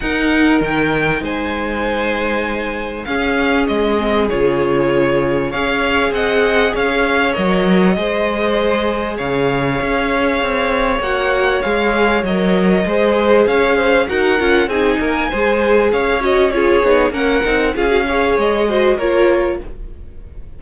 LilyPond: <<
  \new Staff \with { instrumentName = "violin" } { \time 4/4 \tempo 4 = 98 fis''4 g''4 gis''2~ | gis''4 f''4 dis''4 cis''4~ | cis''4 f''4 fis''4 f''4 | dis''2. f''4~ |
f''2 fis''4 f''4 | dis''2 f''4 fis''4 | gis''2 f''8 dis''8 cis''4 | fis''4 f''4 dis''4 cis''4 | }
  \new Staff \with { instrumentName = "violin" } { \time 4/4 ais'2 c''2~ | c''4 gis'2.~ | gis'4 cis''4 dis''4 cis''4~ | cis''4 c''2 cis''4~ |
cis''1~ | cis''4 c''4 cis''8 c''8 ais'4 | gis'8 ais'8 c''4 cis''4 gis'4 | ais'4 gis'8 cis''4 c''8 ais'4 | }
  \new Staff \with { instrumentName = "viola" } { \time 4/4 dis'1~ | dis'4 cis'4. c'8 f'4~ | f'4 gis'2. | ais'4 gis'2.~ |
gis'2 fis'4 gis'4 | ais'4 gis'2 fis'8 f'8 | dis'4 gis'4. fis'8 f'8 dis'8 | cis'8 dis'8 f'16 fis'16 gis'4 fis'8 f'4 | }
  \new Staff \with { instrumentName = "cello" } { \time 4/4 dis'4 dis4 gis2~ | gis4 cis'4 gis4 cis4~ | cis4 cis'4 c'4 cis'4 | fis4 gis2 cis4 |
cis'4 c'4 ais4 gis4 | fis4 gis4 cis'4 dis'8 cis'8 | c'8 ais8 gis4 cis'4. b8 | ais8 c'8 cis'4 gis4 ais4 | }
>>